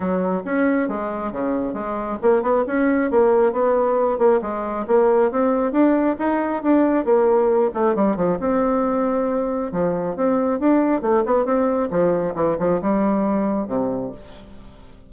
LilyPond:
\new Staff \with { instrumentName = "bassoon" } { \time 4/4 \tempo 4 = 136 fis4 cis'4 gis4 cis4 | gis4 ais8 b8 cis'4 ais4 | b4. ais8 gis4 ais4 | c'4 d'4 dis'4 d'4 |
ais4. a8 g8 f8 c'4~ | c'2 f4 c'4 | d'4 a8 b8 c'4 f4 | e8 f8 g2 c4 | }